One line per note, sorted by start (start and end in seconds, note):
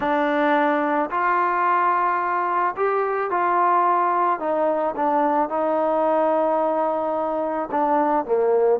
0.00 1.10 D4
1.10 2.75 F4
2.76 3.30 G4
3.30 4.39 F4
4.39 4.94 D#4
4.95 5.49 D4
5.49 7.69 D#4
7.71 8.25 D4
8.25 8.79 A#3